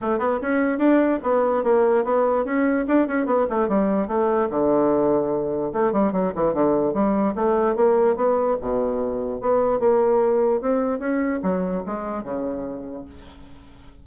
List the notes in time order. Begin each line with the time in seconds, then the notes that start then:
0.01 A3
0.18 B3
0.41 C#4
0.78 D4
1.22 B3
1.63 A#3
2.04 B3
2.45 C#4
2.87 D4
3.07 C#4
3.26 B3
3.49 A3
3.68 G3
4.07 A3
4.50 D3
5.73 A3
5.92 G3
6.12 F#3
6.35 E3
6.53 D3
6.93 G3
7.35 A3
7.75 A#3
8.16 B3
8.60 B2
9.40 B3
9.79 A#3
10.61 C4
10.99 C#4
11.42 F#3
11.86 G#3
12.23 C#3